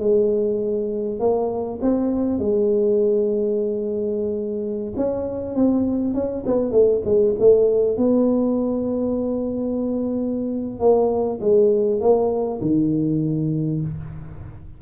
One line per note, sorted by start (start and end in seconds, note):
0.00 1.20 G#3
1.20 1.80 A#3
1.82 2.39 C4
2.39 4.94 G#3
4.97 5.56 C#4
5.56 6.14 C4
6.14 6.44 C#4
6.46 6.72 B3
6.72 7.02 A3
7.05 7.35 G#3
7.39 7.97 A3
7.97 10.80 B3
10.80 11.40 A#3
11.41 12.01 G#3
12.01 12.61 A#3
12.62 13.82 D#3